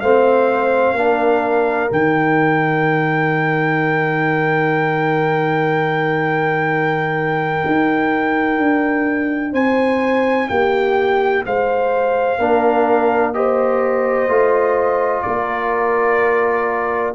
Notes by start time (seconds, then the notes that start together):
0.00 A3 C4 C5 F5
0.93 A#3 D4 A#4
1.90 D#3 D#4 G5
7.66 D#4
8.58 D4
9.52 C4 C5 G#5
10.49 A#3 G4 G5
11.46 G#3 C5 F5
12.38 A#3 D4 A#4
13.34 G4 C5 D#5
14.28 A3 F4
15.22 A#3 A#4 D5